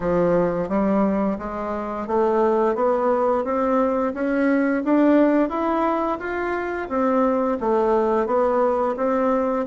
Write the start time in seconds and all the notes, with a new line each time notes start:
0.00 F3
0.69 G3
1.38 G#3
2.07 A3
2.75 B3
3.44 C4
4.14 C#4
4.84 D4
5.49 E4
6.19 F4
6.88 C4
7.60 A3
8.26 B3
8.97 C4